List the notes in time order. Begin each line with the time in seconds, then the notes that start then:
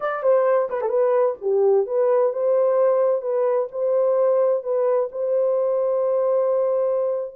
0.00 D5
0.22 C5
0.69 B4
0.81 A4
0.89 B4
1.41 G4
1.86 B4
2.32 C5
3.21 B4
3.71 C5
4.63 B4
5.11 C5